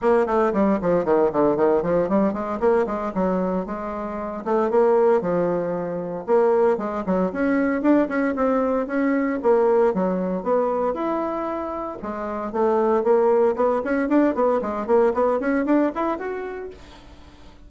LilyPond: \new Staff \with { instrumentName = "bassoon" } { \time 4/4 \tempo 4 = 115 ais8 a8 g8 f8 dis8 d8 dis8 f8 | g8 gis8 ais8 gis8 fis4 gis4~ | gis8 a8 ais4 f2 | ais4 gis8 fis8 cis'4 d'8 cis'8 |
c'4 cis'4 ais4 fis4 | b4 e'2 gis4 | a4 ais4 b8 cis'8 d'8 b8 | gis8 ais8 b8 cis'8 d'8 e'8 fis'4 | }